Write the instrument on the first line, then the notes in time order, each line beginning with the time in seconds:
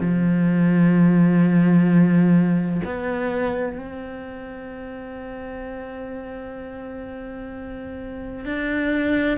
cello
0.00 F3
2.85 B3
3.78 C4
8.45 D4